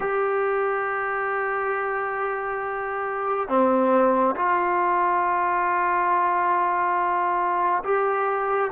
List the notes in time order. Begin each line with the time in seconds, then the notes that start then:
0.00 G4
3.48 C4
4.35 F4
7.83 G4